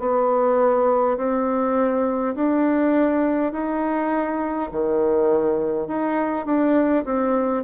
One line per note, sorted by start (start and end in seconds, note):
0.00 1.18 B3
1.18 2.35 C4
2.35 3.53 D4
3.53 4.71 D#4
4.72 5.88 D#3
5.88 6.46 D#4
6.46 7.05 D4
7.05 7.64 C4